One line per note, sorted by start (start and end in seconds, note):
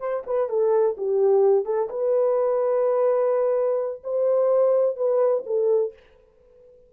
0.00 0.24 C5
0.27 0.50 B4
0.50 0.97 A4
0.98 1.66 G4
1.66 1.89 A4
1.90 4.03 B4
4.04 4.97 C5
4.97 5.44 B4
5.46 5.94 A4